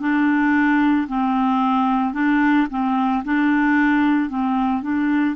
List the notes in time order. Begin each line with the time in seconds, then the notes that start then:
0.00 D4
1.08 C4
2.14 D4
2.70 C4
3.24 D4
4.30 C4
4.82 D4